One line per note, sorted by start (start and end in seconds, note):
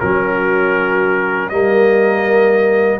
0.00 1.51 F#3
0.00 1.51 C#4
0.00 1.51 F#4
0.00 1.49 A#4
1.49 3.00 G3
1.49 3.00 A#3
1.49 3.00 A#4
1.49 2.99 D#5